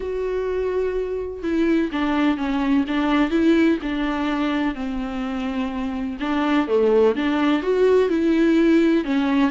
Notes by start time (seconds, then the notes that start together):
0.00 F#4
1.42 E4
1.92 D4
2.37 C#4
2.87 D4
3.30 E4
3.82 D4
4.74 C4
6.19 D4
6.67 A3
7.15 D4
7.62 F#4
8.09 E4
9.04 C#4